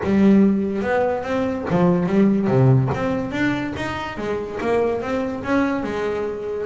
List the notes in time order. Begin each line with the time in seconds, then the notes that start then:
0.03 G3
0.82 B3
1.23 C4
1.70 F3
2.06 G3
2.47 C3
2.94 C4
3.31 D4
3.76 D#4
4.17 G#3
4.60 A#3
5.01 C4
5.43 C#4
5.83 G#3